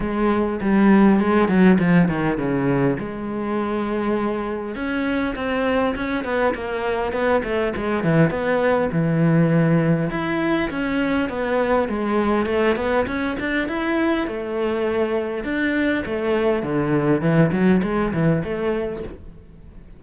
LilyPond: \new Staff \with { instrumentName = "cello" } { \time 4/4 \tempo 4 = 101 gis4 g4 gis8 fis8 f8 dis8 | cis4 gis2. | cis'4 c'4 cis'8 b8 ais4 | b8 a8 gis8 e8 b4 e4~ |
e4 e'4 cis'4 b4 | gis4 a8 b8 cis'8 d'8 e'4 | a2 d'4 a4 | d4 e8 fis8 gis8 e8 a4 | }